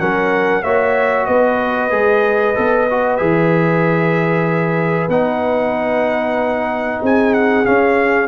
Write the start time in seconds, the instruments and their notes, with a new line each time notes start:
0.00 tuba F#3, trombone C#4, horn A#4, trumpet F#5
0.63 tuba A#3, trombone F#4, horn C#5, trumpet E5
1.26 tuba B3, horn B4, trumpet D#5
1.91 tuba G#3, trombone G#4
2.55 tuba B3, trombone A4
2.90 trombone F#4
3.17 tuba E3, trombone G#4, trumpet E5
5.09 tuba B3, trombone D#4, trumpet F#5
7.02 tuba C4, horn G#4, trumpet G#5
7.34 trumpet F#5
7.65 trombone C#4, tuba C#4, trumpet F5